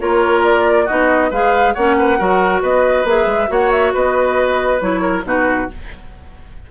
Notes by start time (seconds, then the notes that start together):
0.00 A#3 F4 A#4 C#5
0.44 D5
0.85 B3 D#4 F#4 D#5
1.31 G#3 G#4 B4 F5
1.74 A#3 C#4 C#5 F#5
1.99 B4
2.18 F#3 F#4 A#4
2.62 B3 B4 D#5
3.04 A#3 G#4 E5
3.26 G#3
3.48 A#3 F#4 C#5 F#5
3.72 E5
3.94 B3 B4 D#5
4.80 F#3 E4 C#5
5.01 A#4
5.24 B2 D#4 F#4 B4